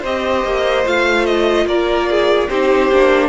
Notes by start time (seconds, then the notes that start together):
0.00 C4 G4 C5 D#5
0.44 A#3
0.85 A3 F4 F5
1.26 D#5
1.66 A#3 A#4 D5
2.10 G#4
2.48 C4 D#4 G4 C5
2.91 A#3 D4